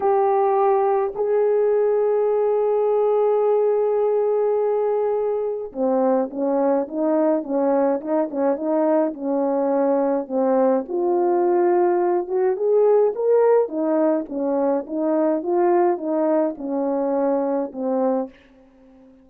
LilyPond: \new Staff \with { instrumentName = "horn" } { \time 4/4 \tempo 4 = 105 g'2 gis'2~ | gis'1~ | gis'2 c'4 cis'4 | dis'4 cis'4 dis'8 cis'8 dis'4 |
cis'2 c'4 f'4~ | f'4. fis'8 gis'4 ais'4 | dis'4 cis'4 dis'4 f'4 | dis'4 cis'2 c'4 | }